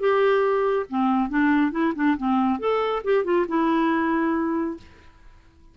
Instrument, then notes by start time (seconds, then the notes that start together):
clarinet
0.00 G4
0.89 C4
1.29 D4
1.72 E4
1.95 D4
2.18 C4
2.59 A4
3.05 G4
3.25 F4
3.48 E4